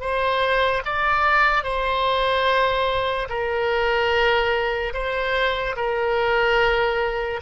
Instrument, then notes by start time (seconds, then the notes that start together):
oboe
0.00 C5
0.85 D5
1.63 C5
3.29 A#4
4.94 C5
5.76 A#4